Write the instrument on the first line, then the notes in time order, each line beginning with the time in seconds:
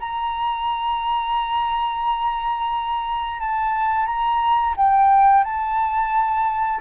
flute
0.00 A#5
3.40 A5
4.06 A#5
4.77 G5
5.44 A5